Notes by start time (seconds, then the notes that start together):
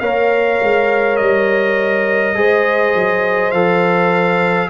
0.00 A#3 A#4 C#5 F5
0.62 G#3
1.16 G3 D#5
2.35 G#3 G#4 C5
2.95 F#3
3.51 F3 A4 F5